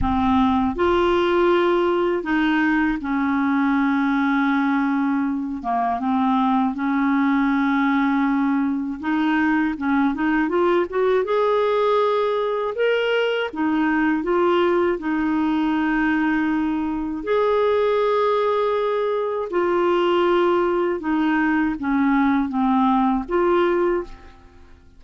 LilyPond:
\new Staff \with { instrumentName = "clarinet" } { \time 4/4 \tempo 4 = 80 c'4 f'2 dis'4 | cis'2.~ cis'8 ais8 | c'4 cis'2. | dis'4 cis'8 dis'8 f'8 fis'8 gis'4~ |
gis'4 ais'4 dis'4 f'4 | dis'2. gis'4~ | gis'2 f'2 | dis'4 cis'4 c'4 f'4 | }